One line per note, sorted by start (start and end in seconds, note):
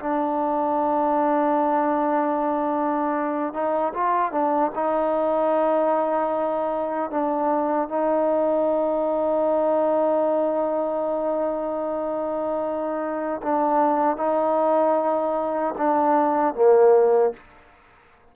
0.00 3.54 D4
3.54 3.93 D#4
3.94 4.32 F4
4.32 4.72 D4
4.75 7.11 D#4
7.11 7.89 D4
7.89 13.42 D#4
13.43 14.17 D4
14.17 15.75 D#4
15.78 16.55 D4
16.55 17.34 A#3